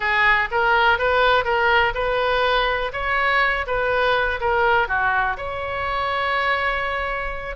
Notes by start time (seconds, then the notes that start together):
0.00 G#4
0.51 A#4
0.98 B4
1.44 A#4
1.94 B4
2.92 C#5
3.67 B4
4.40 A#4
4.88 F#4
5.37 C#5